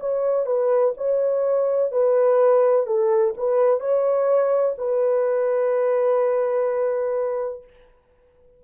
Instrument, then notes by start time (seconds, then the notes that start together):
horn
0.00 C#5
0.46 B4
0.97 C#5
1.92 B4
2.86 A4
3.37 B4
3.80 C#5
4.78 B4